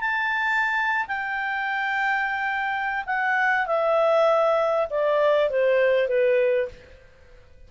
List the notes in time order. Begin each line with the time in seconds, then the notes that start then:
0.00 A5
1.07 G5
3.06 F#5
3.66 E5
4.90 D5
5.50 C5
6.08 B4